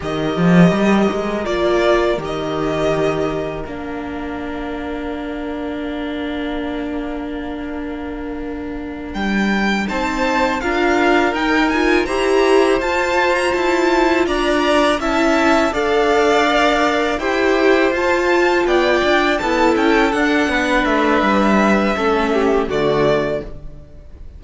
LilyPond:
<<
  \new Staff \with { instrumentName = "violin" } { \time 4/4 \tempo 4 = 82 dis''2 d''4 dis''4~ | dis''4 f''2.~ | f''1~ | f''8 g''4 a''4 f''4 g''8 |
gis''8 ais''4 a''8. ais''16 a''4 ais''8~ | ais''8 a''4 f''2 g''8~ | g''8 a''4 g''4 a''8 g''8 fis''8~ | fis''8 e''2~ e''8 d''4 | }
  \new Staff \with { instrumentName = "violin" } { \time 4/4 ais'1~ | ais'1~ | ais'1~ | ais'4. c''4 ais'4.~ |
ais'8 c''2. d''8~ | d''8 e''4 d''2 c''8~ | c''4. d''4 a'4. | b'2 a'8 g'8 fis'4 | }
  \new Staff \with { instrumentName = "viola" } { \time 4/4 g'2 f'4 g'4~ | g'4 d'2.~ | d'1~ | d'4. dis'4 f'4 dis'8 |
f'8 g'4 f'2~ f'8~ | f'8 e'4 a'4 ais'4 g'8~ | g'8 f'2 e'4 d'8~ | d'2 cis'4 a4 | }
  \new Staff \with { instrumentName = "cello" } { \time 4/4 dis8 f8 g8 gis8 ais4 dis4~ | dis4 ais2.~ | ais1~ | ais8 g4 c'4 d'4 dis'8~ |
dis'8 e'4 f'4 e'4 d'8~ | d'8 cis'4 d'2 e'8~ | e'8 f'4 b8 d'8 b8 cis'8 d'8 | b8 a8 g4 a4 d4 | }
>>